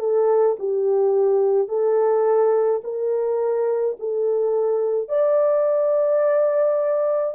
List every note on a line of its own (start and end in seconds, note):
0.00 0.57 A4
0.59 1.69 G4
1.69 2.82 A4
2.84 3.97 A#4
3.99 5.09 A4
5.09 7.35 D5